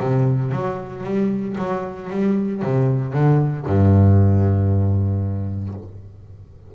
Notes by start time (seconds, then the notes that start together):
0.00 C3
0.52 F#3
1.04 G3
1.58 F#3
2.10 G3
2.63 C3
3.13 D3
3.66 G2